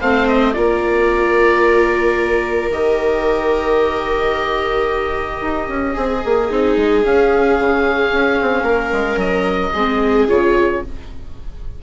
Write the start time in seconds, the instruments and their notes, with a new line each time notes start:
0.00 bassoon A3, viola C4 C5, oboe F5
0.27 oboe D#5
0.53 bassoon A#3, viola F4 A#4, oboe D5
2.70 bassoon D#3, viola G4, oboe D#5
5.41 bassoon D#4
5.68 bassoon C#4
5.93 bassoon C4, viola G#4
6.25 bassoon A#3
6.50 bassoon C4, viola D#4
6.77 bassoon G#3
7.03 viola C#4, bassoon C#4, oboe F5
7.59 bassoon C#3
8.12 bassoon C#4
8.41 bassoon C4
8.62 bassoon A#3, viola A#4
8.92 bassoon G#3
9.16 bassoon F#3, oboe D#5
9.73 bassoon G#3, viola C4 G#4
10.28 bassoon C#3, viola F4, oboe C#5